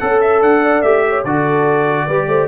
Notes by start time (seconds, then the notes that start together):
0.00 C#4 A4 F#5
0.21 E5
0.42 D4 F#5
0.64 D5
0.82 A3 G4 E5
1.09 C#5
1.25 D3 F#4 A4 D5
2.06 G3 G4 B4
2.28 A3 C5